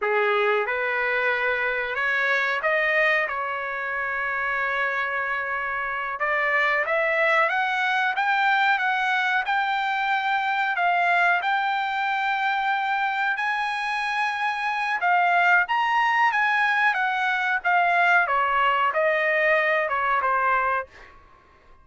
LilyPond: \new Staff \with { instrumentName = "trumpet" } { \time 4/4 \tempo 4 = 92 gis'4 b'2 cis''4 | dis''4 cis''2.~ | cis''4. d''4 e''4 fis''8~ | fis''8 g''4 fis''4 g''4.~ |
g''8 f''4 g''2~ g''8~ | g''8 gis''2~ gis''8 f''4 | ais''4 gis''4 fis''4 f''4 | cis''4 dis''4. cis''8 c''4 | }